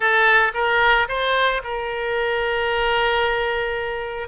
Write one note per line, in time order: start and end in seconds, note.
0.00 0.52 A4
0.54 1.07 A#4
1.08 1.61 C5
1.63 4.28 A#4